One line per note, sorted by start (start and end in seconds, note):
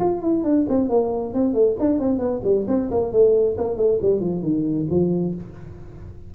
0.00 0.22 F4
0.22 0.44 E4
0.44 0.66 D4
0.69 0.89 C4
0.89 1.34 A#3
1.34 1.54 C4
1.54 1.77 A3
1.80 2.00 D4
2.00 2.19 C4
2.19 2.41 B3
2.44 2.66 G3
2.68 2.90 C4
2.91 3.13 A#3
3.13 3.57 A3
3.58 3.77 A#3
3.77 3.99 A3
4.02 4.20 G3
4.20 4.43 F3
4.43 4.87 D#3
4.91 5.35 F3